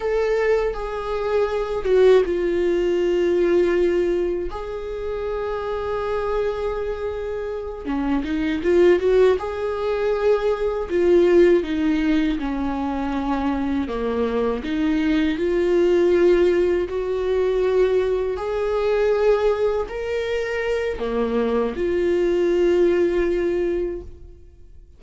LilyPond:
\new Staff \with { instrumentName = "viola" } { \time 4/4 \tempo 4 = 80 a'4 gis'4. fis'8 f'4~ | f'2 gis'2~ | gis'2~ gis'8 cis'8 dis'8 f'8 | fis'8 gis'2 f'4 dis'8~ |
dis'8 cis'2 ais4 dis'8~ | dis'8 f'2 fis'4.~ | fis'8 gis'2 ais'4. | ais4 f'2. | }